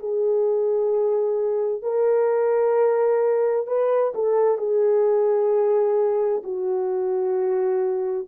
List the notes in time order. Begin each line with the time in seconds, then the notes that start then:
0.00 G#4
1.83 A#4
3.68 B4
4.15 A4
4.58 G#4
6.44 F#4